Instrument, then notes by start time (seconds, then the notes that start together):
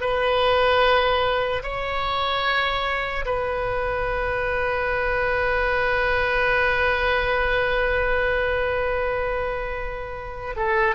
oboe
0.00 B4
1.63 C#5
3.25 B4
10.56 A4